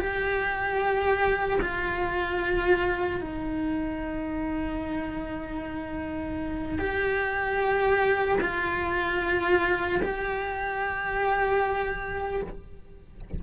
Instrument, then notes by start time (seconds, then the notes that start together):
cello
0.00 G4
1.62 F4
3.21 D#4
6.79 G4
8.41 F4
10.03 G4